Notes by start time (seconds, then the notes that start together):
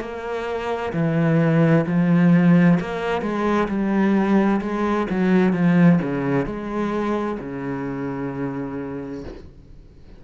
0.00 A#3
0.93 E3
1.87 F3
2.80 A#3
3.21 G#3
3.68 G3
4.61 G#3
5.10 F#3
5.53 F3
6.02 C#3
6.46 G#3
7.39 C#3